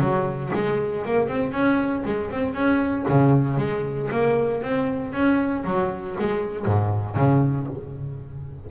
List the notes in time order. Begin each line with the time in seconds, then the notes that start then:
0.00 F#3
0.54 G#3
1.05 A#3
1.28 C4
1.52 C#4
2.05 G#3
2.31 C4
2.54 C#4
3.08 C#3
3.58 G#3
4.11 A#3
4.62 C4
5.13 C#4
5.64 F#3
6.19 G#3
6.65 G#2
7.16 C#3